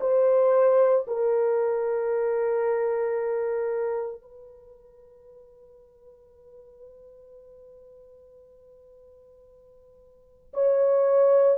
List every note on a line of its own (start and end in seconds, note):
0.00 1.05 C5
1.07 4.21 A#4
4.21 10.53 B4
10.53 11.58 C#5